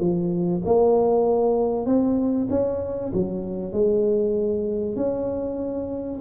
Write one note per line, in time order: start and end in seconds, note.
0.00 0.62 F3
0.65 1.86 A#3
1.86 2.48 C4
2.50 3.12 C#4
3.13 3.73 F#3
3.73 4.96 G#3
4.96 6.20 C#4